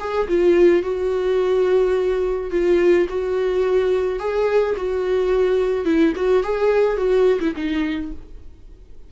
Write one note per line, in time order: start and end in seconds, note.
0.00 0.28 G#4
0.29 0.83 F4
0.83 2.51 F#4
2.51 3.07 F4
3.09 4.20 F#4
4.20 4.76 G#4
4.77 5.85 F#4
5.85 6.13 E4
6.16 6.44 F#4
6.44 6.97 G#4
6.97 7.39 F#4
7.40 7.54 E4
7.56 8.12 D#4